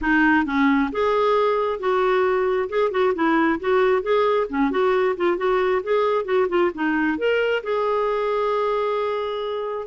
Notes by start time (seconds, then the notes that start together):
0.01 D#4
0.45 C#4
0.92 G#4
1.79 F#4
2.69 G#4
2.91 F#4
3.14 E4
3.60 F#4
4.02 G#4
4.49 C#4
4.70 F#4
5.16 F4
5.37 F#4
5.83 G#4
6.25 F#4
6.48 F4
6.74 D#4
7.18 A#4
7.63 G#4